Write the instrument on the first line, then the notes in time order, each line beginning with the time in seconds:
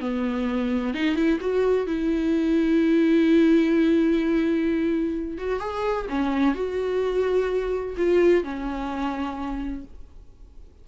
viola
0.00 B3
0.94 D#4
1.15 E4
1.41 F#4
1.87 E4
5.38 F#4
5.60 G#4
6.09 C#4
6.55 F#4
7.97 F4
8.44 C#4